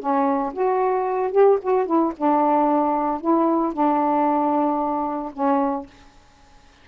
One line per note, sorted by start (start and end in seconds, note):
0.00 0.53 C#4
0.54 1.32 F#4
1.32 1.59 G4
1.62 1.86 F#4
1.86 2.13 E4
2.18 3.21 D4
3.21 3.73 E4
3.73 5.33 D4
5.34 5.87 C#4